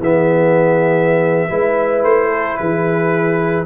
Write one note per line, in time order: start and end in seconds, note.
0.00 1.49 E3
0.00 1.50 B3
0.00 1.50 G#4
0.00 2.05 E5
1.50 2.04 G#3
1.50 3.66 E4
1.50 2.29 B4
2.04 2.58 A3
2.04 2.58 C5
2.29 2.56 A4
2.58 3.66 E3
2.58 3.66 G#4
2.58 3.66 B4